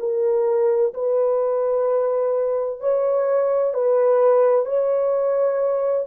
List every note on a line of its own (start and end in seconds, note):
0.00 0.94 A#4
0.94 2.80 B4
2.80 3.74 C#5
3.74 4.66 B4
4.66 6.06 C#5